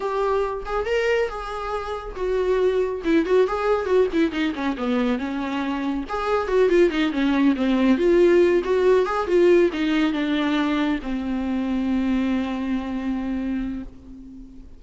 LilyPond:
\new Staff \with { instrumentName = "viola" } { \time 4/4 \tempo 4 = 139 g'4. gis'8 ais'4 gis'4~ | gis'4 fis'2 e'8 fis'8 | gis'4 fis'8 e'8 dis'8 cis'8 b4 | cis'2 gis'4 fis'8 f'8 |
dis'8 cis'4 c'4 f'4. | fis'4 gis'8 f'4 dis'4 d'8~ | d'4. c'2~ c'8~ | c'1 | }